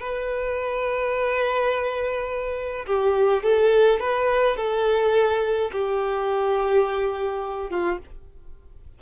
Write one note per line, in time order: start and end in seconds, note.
0.00 2.86 B4
2.86 3.43 G4
3.43 4.00 A4
4.00 4.57 B4
4.57 5.71 A4
5.72 7.70 G4
7.70 7.98 F4